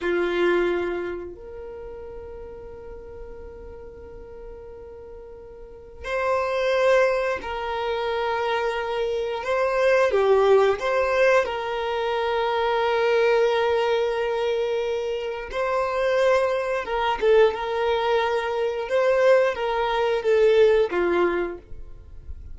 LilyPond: \new Staff \with { instrumentName = "violin" } { \time 4/4 \tempo 4 = 89 f'2 ais'2~ | ais'1~ | ais'4 c''2 ais'4~ | ais'2 c''4 g'4 |
c''4 ais'2.~ | ais'2. c''4~ | c''4 ais'8 a'8 ais'2 | c''4 ais'4 a'4 f'4 | }